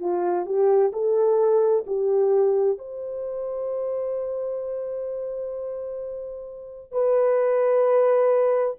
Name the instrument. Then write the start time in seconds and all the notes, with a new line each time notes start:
horn
0.00 F4
0.46 G4
0.93 A4
1.87 G4
2.79 C5
6.92 B4